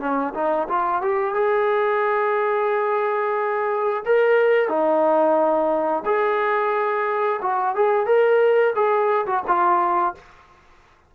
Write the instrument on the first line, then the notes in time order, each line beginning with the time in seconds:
trombone
0.00 C#4
0.35 D#4
0.69 F4
1.02 G4
1.35 G#4
4.06 A#4
4.69 D#4
6.06 G#4
7.42 F#4
7.76 G#4
8.07 A#4
8.76 G#4
9.27 F#4
9.48 F4